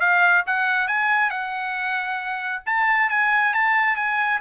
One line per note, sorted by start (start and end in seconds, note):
0.00 0.44 F5
0.46 0.87 F#5
0.87 1.30 G#5
1.30 2.62 F#5
2.66 3.09 A5
3.09 3.53 G#5
3.53 3.96 A5
3.96 4.40 G#5